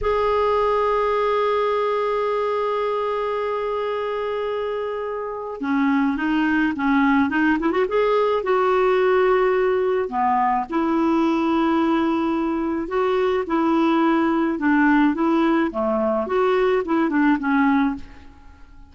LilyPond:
\new Staff \with { instrumentName = "clarinet" } { \time 4/4 \tempo 4 = 107 gis'1~ | gis'1~ | gis'2 cis'4 dis'4 | cis'4 dis'8 e'16 fis'16 gis'4 fis'4~ |
fis'2 b4 e'4~ | e'2. fis'4 | e'2 d'4 e'4 | a4 fis'4 e'8 d'8 cis'4 | }